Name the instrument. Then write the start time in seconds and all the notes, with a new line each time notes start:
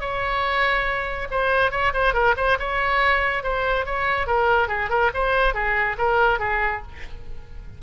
oboe
0.00 C#5
1.30 C5
1.71 C#5
1.93 C5
2.13 A#4
2.37 C5
2.59 C#5
3.43 C5
3.85 C#5
4.27 A#4
4.68 G#4
4.89 A#4
5.14 C5
5.54 G#4
5.98 A#4
6.39 G#4